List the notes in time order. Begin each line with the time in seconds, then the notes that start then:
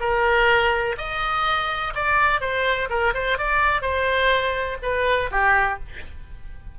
0.00 A#4
0.98 D#5
1.95 D5
2.41 C5
2.90 A#4
3.14 C5
3.38 D5
3.82 C5
4.82 B4
5.31 G4